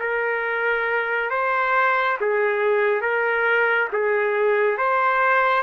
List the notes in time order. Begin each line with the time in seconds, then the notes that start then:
0.00 A#4
1.31 C5
2.21 G#4
3.02 A#4
3.93 G#4
4.78 C5